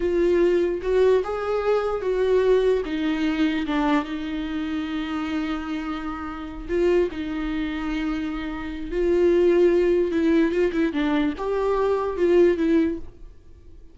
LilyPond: \new Staff \with { instrumentName = "viola" } { \time 4/4 \tempo 4 = 148 f'2 fis'4 gis'4~ | gis'4 fis'2 dis'4~ | dis'4 d'4 dis'2~ | dis'1~ |
dis'8 f'4 dis'2~ dis'8~ | dis'2 f'2~ | f'4 e'4 f'8 e'8 d'4 | g'2 f'4 e'4 | }